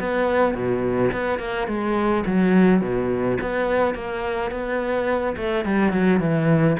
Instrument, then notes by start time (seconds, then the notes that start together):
cello
0.00 B3
0.55 B2
1.12 B3
1.39 A#3
1.68 G#3
2.26 F#3
2.81 B2
3.41 B3
3.95 A#3
4.51 B3
5.37 A3
5.65 G3
5.92 F#3
6.20 E3